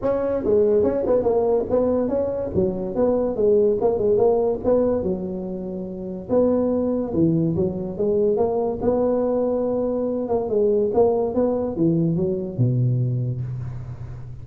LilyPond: \new Staff \with { instrumentName = "tuba" } { \time 4/4 \tempo 4 = 143 cis'4 gis4 cis'8 b8 ais4 | b4 cis'4 fis4 b4 | gis4 ais8 gis8 ais4 b4 | fis2. b4~ |
b4 e4 fis4 gis4 | ais4 b2.~ | b8 ais8 gis4 ais4 b4 | e4 fis4 b,2 | }